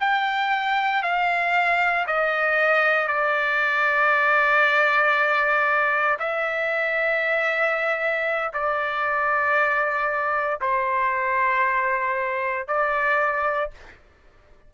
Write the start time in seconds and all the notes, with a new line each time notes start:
0.00 G5
1.03 F5
2.07 D#5
3.08 D5
6.19 E5
8.53 D5
10.60 C5
12.67 D5